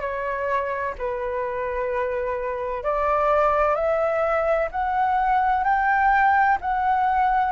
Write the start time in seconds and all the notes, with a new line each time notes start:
0.00 C#5
0.98 B4
2.83 D5
3.75 E5
4.71 F#5
5.63 G5
6.61 F#5